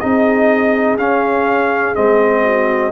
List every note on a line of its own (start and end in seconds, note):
0.00 0.97 C4
0.00 0.98 D#4
0.00 2.42 G#4
0.00 0.97 D#5
0.97 1.93 C#4
0.97 1.95 C#4
0.97 1.95 F5
1.95 2.92 G#3
1.95 2.92 C4
1.95 2.92 D#5
2.43 2.92 F#4